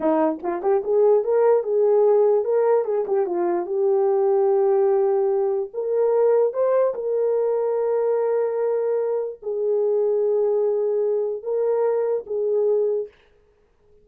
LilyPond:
\new Staff \with { instrumentName = "horn" } { \time 4/4 \tempo 4 = 147 dis'4 f'8 g'8 gis'4 ais'4 | gis'2 ais'4 gis'8 g'8 | f'4 g'2.~ | g'2 ais'2 |
c''4 ais'2.~ | ais'2. gis'4~ | gis'1 | ais'2 gis'2 | }